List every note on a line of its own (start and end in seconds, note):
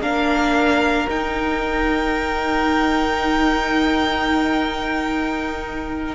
0.00 1.07 A#3
0.00 1.09 D4
0.00 6.16 A#4
0.00 1.10 F5
1.09 6.16 D#4
1.09 6.16 G5